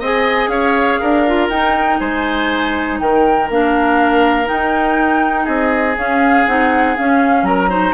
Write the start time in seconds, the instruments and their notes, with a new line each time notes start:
0.00 bassoon C4, clarinet G#4, oboe D#5, flute G#5
0.48 bassoon C#4, oboe C#5, flute F5
1.01 bassoon D4, oboe A#4
1.27 clarinet F4
1.49 bassoon D#4, clarinet D#4, flute G5
1.99 bassoon G#3, oboe C5, flute G#5
3.00 bassoon D#3, oboe A#4, flute G5
3.49 bassoon A#3, clarinet D4, flute F5
4.46 clarinet D#4, bassoon D#4, flute G5
5.45 bassoon C4, oboe G#4, flute D#5
5.97 bassoon C#4, clarinet C#4, flute F5
6.47 bassoon C4, clarinet D#4, flute F#5
6.97 clarinet C#4, bassoon C#4, flute F5
7.43 bassoon F#3, oboe A#4, flute A#5
7.69 clarinet D#4, oboe C5